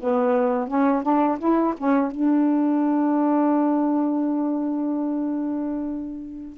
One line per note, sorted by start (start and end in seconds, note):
0.00 0.68 B3
0.68 1.03 C#4
1.03 1.38 D4
1.39 1.74 E4
1.78 2.11 C#4
2.11 6.57 D4